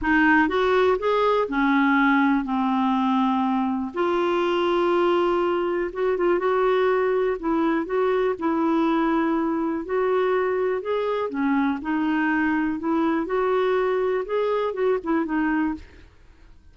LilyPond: \new Staff \with { instrumentName = "clarinet" } { \time 4/4 \tempo 4 = 122 dis'4 fis'4 gis'4 cis'4~ | cis'4 c'2. | f'1 | fis'8 f'8 fis'2 e'4 |
fis'4 e'2. | fis'2 gis'4 cis'4 | dis'2 e'4 fis'4~ | fis'4 gis'4 fis'8 e'8 dis'4 | }